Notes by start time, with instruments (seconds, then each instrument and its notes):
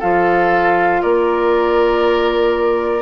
0.00 bassoon F3, clarinet F4, oboe A4, flute F5
1.02 bassoon A#3, oboe A#4, flute D5